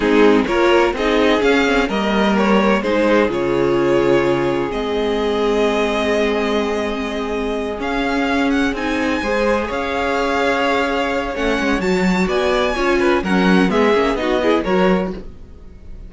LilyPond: <<
  \new Staff \with { instrumentName = "violin" } { \time 4/4 \tempo 4 = 127 gis'4 cis''4 dis''4 f''4 | dis''4 cis''4 c''4 cis''4~ | cis''2 dis''2~ | dis''1~ |
dis''8 f''4. fis''8 gis''4.~ | gis''8 f''2.~ f''8 | fis''4 a''4 gis''2 | fis''4 e''4 dis''4 cis''4 | }
  \new Staff \with { instrumentName = "violin" } { \time 4/4 dis'4 ais'4 gis'2 | ais'2 gis'2~ | gis'1~ | gis'1~ |
gis'2.~ gis'8 c''8~ | c''8 cis''2.~ cis''8~ | cis''2 d''4 cis''8 b'8 | ais'4 gis'4 fis'8 gis'8 ais'4 | }
  \new Staff \with { instrumentName = "viola" } { \time 4/4 c'4 f'4 dis'4 cis'8 c'8 | ais2 dis'4 f'4~ | f'2 c'2~ | c'1~ |
c'8 cis'2 dis'4 gis'8~ | gis'1 | cis'4 fis'2 f'4 | cis'4 b8 cis'8 dis'8 e'8 fis'4 | }
  \new Staff \with { instrumentName = "cello" } { \time 4/4 gis4 ais4 c'4 cis'4 | g2 gis4 cis4~ | cis2 gis2~ | gis1~ |
gis8 cis'2 c'4 gis8~ | gis8 cis'2.~ cis'8 | a8 gis8 fis4 b4 cis'4 | fis4 gis8 ais8 b4 fis4 | }
>>